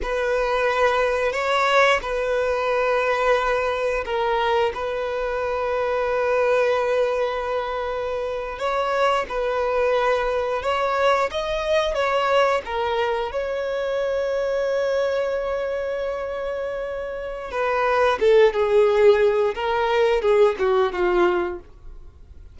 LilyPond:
\new Staff \with { instrumentName = "violin" } { \time 4/4 \tempo 4 = 89 b'2 cis''4 b'4~ | b'2 ais'4 b'4~ | b'1~ | b'8. cis''4 b'2 cis''16~ |
cis''8. dis''4 cis''4 ais'4 cis''16~ | cis''1~ | cis''2 b'4 a'8 gis'8~ | gis'4 ais'4 gis'8 fis'8 f'4 | }